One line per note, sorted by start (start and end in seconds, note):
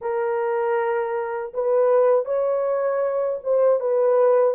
0.01 1.53 A#4
1.53 2.25 B4
2.25 3.39 C#5
3.43 3.80 C5
3.80 4.54 B4